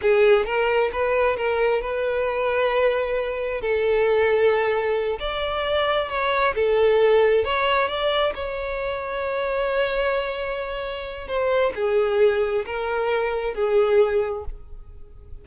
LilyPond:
\new Staff \with { instrumentName = "violin" } { \time 4/4 \tempo 4 = 133 gis'4 ais'4 b'4 ais'4 | b'1 | a'2.~ a'8 d''8~ | d''4. cis''4 a'4.~ |
a'8 cis''4 d''4 cis''4.~ | cis''1~ | cis''4 c''4 gis'2 | ais'2 gis'2 | }